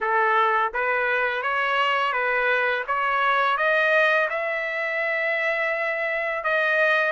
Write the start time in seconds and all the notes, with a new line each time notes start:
0.01 A4
0.73 B4
1.42 C#5
2.12 B4
2.87 C#5
3.57 D#5
4.29 E5
6.44 D#5